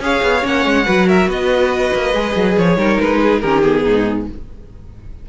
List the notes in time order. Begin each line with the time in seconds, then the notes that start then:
0.00 C#4 G#4 C#5 F5
0.23 B3
0.43 A#3 C#4 F#5
0.65 G#3
0.85 F#3 F#4 B4
1.07 A#4 E5
1.28 B3 B4 D#5
1.94 A#3
2.14 G#3 G#4
2.36 F#3
2.58 F3 C#5
2.77 G3 D#4 A#4
3.01 G#3 B4
3.23 G#4
3.41 D#3 C#4 G4 A#4
3.63 B3 G#4
3.84 G#2 D#4